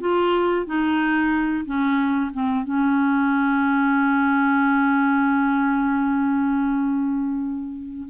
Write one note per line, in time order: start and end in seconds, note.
0.00 0.66 F4
0.66 1.65 D#4
1.65 2.31 C#4
2.33 2.64 C4
2.64 8.08 C#4